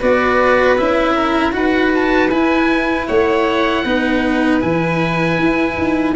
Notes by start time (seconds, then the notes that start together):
0.00 B3 F#4 B4 D5
0.78 C#4 E4 E5
1.15 A#4
1.52 D#4 F#4 B4 F#5
1.95 A5
2.30 E4 G#5
3.08 A3 C#5 F#5
3.84 B3 D#4 B4
4.61 E3 E4 G#5
5.39 E4
5.78 D#4